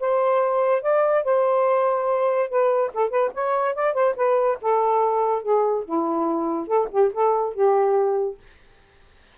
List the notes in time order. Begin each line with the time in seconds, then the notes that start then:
0.00 C5
0.82 D5
1.24 C5
2.49 B4
2.94 A4
3.10 B4
3.34 C#5
3.75 D5
3.94 C5
4.16 B4
4.62 A4
5.42 G#4
5.85 E4
6.67 A4
6.91 G4
7.13 A4
7.54 G4